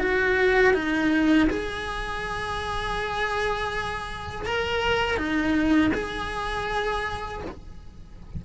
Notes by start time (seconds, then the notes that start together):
0.00 F#4
0.74 D#4
1.50 G#4
4.46 A#4
5.18 D#4
5.94 G#4